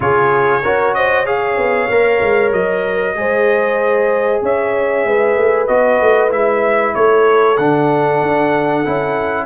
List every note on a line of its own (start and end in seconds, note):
0.00 0.62 C#3
0.00 0.62 F4
0.00 0.63 G#4
0.00 0.94 C#5
0.63 1.57 C#4
0.63 1.25 F#4
0.63 0.94 A#4
0.94 1.26 C5
0.94 1.25 D#5
1.25 1.89 G#4
1.25 3.16 C#5
1.25 2.52 F5
1.57 1.89 B3
1.89 2.21 A#3
1.89 3.15 A#4
2.21 2.52 G#3
2.52 3.15 F#3
2.52 4.42 D#5
3.15 4.42 G#3
3.15 5.67 G#4
3.15 4.42 C5
4.42 5.05 C#4
4.42 5.06 C#5
4.42 5.67 E5
5.05 5.37 G#3
5.05 6.95 B4
5.37 5.68 A3
5.67 6.00 B3
5.67 6.29 F#4
5.67 6.30 D#5
6.01 6.31 A3
6.29 6.94 G#3
6.29 7.56 E4
6.29 6.94 E5
6.94 7.58 A3
6.94 9.46 A4
6.94 7.57 C#5
7.57 8.21 D3
7.57 8.84 D4
7.57 9.46 F#5
8.22 8.85 D4
8.84 9.46 C#4
8.84 9.46 E4